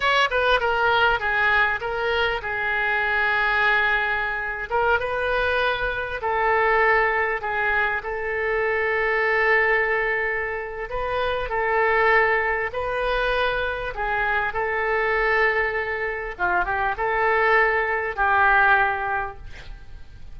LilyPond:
\new Staff \with { instrumentName = "oboe" } { \time 4/4 \tempo 4 = 99 cis''8 b'8 ais'4 gis'4 ais'4 | gis'2.~ gis'8. ais'16~ | ais'16 b'2 a'4.~ a'16~ | a'16 gis'4 a'2~ a'8.~ |
a'2 b'4 a'4~ | a'4 b'2 gis'4 | a'2. f'8 g'8 | a'2 g'2 | }